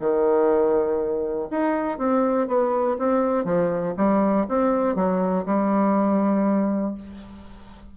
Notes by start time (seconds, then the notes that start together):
0.00 D#3
1.51 D#4
1.98 C4
2.47 B3
2.98 C4
3.45 F3
3.97 G3
4.49 C4
4.96 F#3
5.45 G3